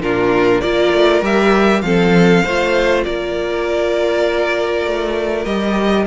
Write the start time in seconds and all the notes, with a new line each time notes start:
0.00 A#2 D4 F4 A#4
0.61 A#3 F4 A#4 D5
0.93 A3
1.22 G3 G4 E5
1.82 F3 C4 A4 F5
2.44 A3 F4 C5
3.04 A#3 A#4 D5
4.86 A3
5.45 G3 G4 D#5